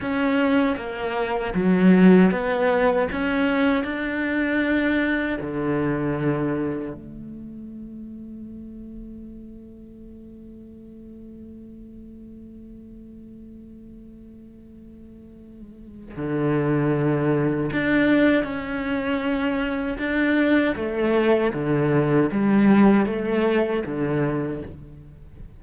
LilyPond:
\new Staff \with { instrumentName = "cello" } { \time 4/4 \tempo 4 = 78 cis'4 ais4 fis4 b4 | cis'4 d'2 d4~ | d4 a2.~ | a1~ |
a1~ | a4 d2 d'4 | cis'2 d'4 a4 | d4 g4 a4 d4 | }